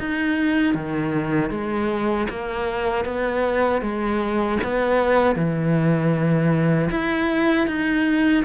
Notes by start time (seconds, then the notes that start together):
0.00 D#4
0.75 D#3
1.51 G#3
2.30 A#3
3.05 B3
3.82 G#3
4.64 B3
5.36 E3
6.91 E4
7.67 D#4